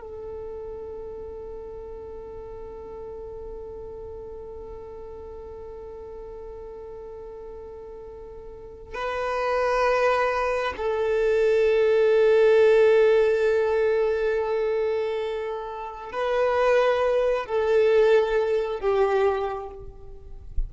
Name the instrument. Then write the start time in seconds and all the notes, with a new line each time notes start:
violin
0.00 A4
8.94 B4
10.77 A4
16.12 B4
17.45 A4
18.80 G4